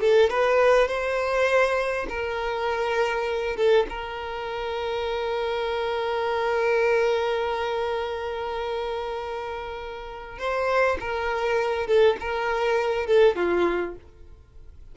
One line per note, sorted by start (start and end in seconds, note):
0.00 0.30 A4
0.30 0.88 B4
0.88 2.07 C5
2.09 3.56 A#4
3.56 3.86 A4
3.89 10.38 A#4
10.38 10.98 C5
11.00 11.87 A#4
11.87 12.16 A4
12.20 13.06 A#4
13.06 13.36 A4
13.36 13.95 F4